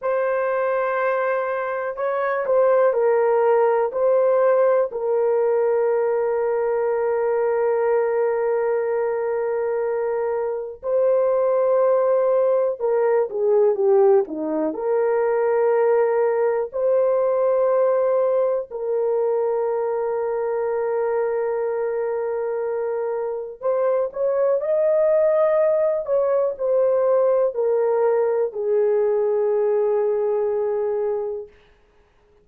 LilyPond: \new Staff \with { instrumentName = "horn" } { \time 4/4 \tempo 4 = 61 c''2 cis''8 c''8 ais'4 | c''4 ais'2.~ | ais'2. c''4~ | c''4 ais'8 gis'8 g'8 dis'8 ais'4~ |
ais'4 c''2 ais'4~ | ais'1 | c''8 cis''8 dis''4. cis''8 c''4 | ais'4 gis'2. | }